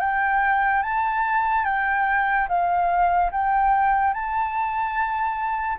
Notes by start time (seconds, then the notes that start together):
0.00 G5
0.83 A5
1.65 G5
2.48 F5
3.32 G5
4.14 A5